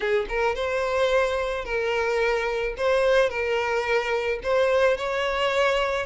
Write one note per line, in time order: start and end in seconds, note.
0.00 0.26 G#4
0.28 0.55 A#4
0.55 1.64 C5
1.64 2.74 A#4
2.77 3.29 C5
3.29 4.39 A#4
4.43 4.97 C5
4.97 6.06 C#5